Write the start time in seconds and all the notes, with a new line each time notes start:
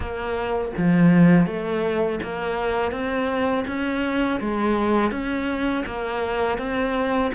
0.00 A#3
0.77 F3
1.46 A3
2.22 A#3
2.91 C4
3.67 C#4
4.40 G#3
5.11 C#4
5.86 A#3
6.58 C4